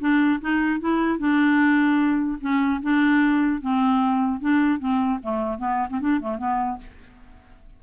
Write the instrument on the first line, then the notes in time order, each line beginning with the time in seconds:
clarinet
0.00 D4
0.41 D#4
0.80 E4
1.19 D4
2.41 C#4
2.83 D4
3.61 C4
4.40 D4
4.79 C4
5.23 A3
5.58 B3
5.90 C4
6.00 D4
6.21 A3
6.38 B3